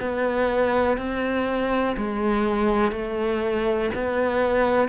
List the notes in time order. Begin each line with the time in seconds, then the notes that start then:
0.00 B3
0.97 C4
1.97 G#3
2.92 A3
3.94 B3